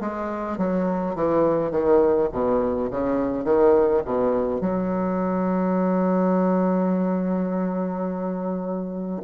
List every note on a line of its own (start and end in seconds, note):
0.00 0.58 G#3
0.58 1.15 F#3
1.15 1.71 E3
1.71 2.29 D#3
2.32 2.90 B2
2.91 3.45 C#3
3.45 4.02 D#3
4.04 4.60 B2
4.60 9.22 F#3